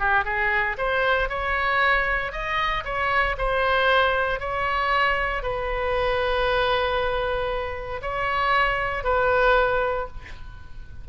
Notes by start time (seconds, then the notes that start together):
0.00 G4
0.25 G#4
0.78 C5
1.30 C#5
2.33 D#5
2.85 C#5
3.38 C5
4.40 C#5
5.43 B4
8.02 C#5
9.04 B4